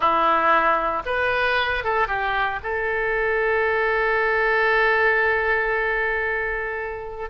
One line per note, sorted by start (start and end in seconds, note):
0.00 1.02 E4
1.05 1.84 B4
1.84 2.07 A4
2.07 2.59 G4
2.63 7.29 A4